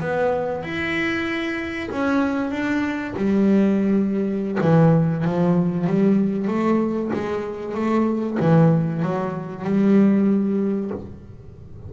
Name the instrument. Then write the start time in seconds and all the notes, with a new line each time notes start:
double bass
0.00 B3
0.63 E4
1.90 C#4
2.51 D4
3.16 G3
4.61 E3
5.24 F3
5.87 G3
6.47 A3
7.13 G#3
7.74 A3
8.40 E3
9.02 F#3
9.64 G3